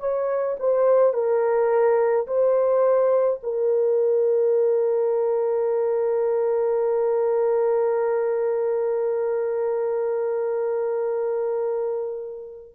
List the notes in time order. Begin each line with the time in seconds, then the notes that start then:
0.00 C#5
0.59 C5
1.13 A#4
2.27 C5
3.43 A#4